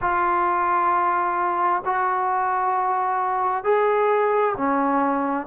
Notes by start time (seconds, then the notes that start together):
0.01 F4
1.85 F#4
3.64 G#4
4.57 C#4